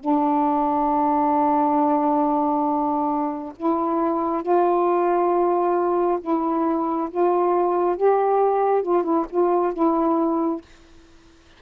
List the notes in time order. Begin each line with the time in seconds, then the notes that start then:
0.00 D4
3.57 E4
4.43 F4
6.21 E4
7.11 F4
7.97 G4
8.83 F4
9.04 E4
9.30 F4
9.73 E4